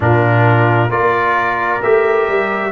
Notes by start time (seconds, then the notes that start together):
0.00 A#2 D4 F4 A#4
0.89 A#3 F4 A#4 D5
1.82 A3 G4 E5
2.27 G3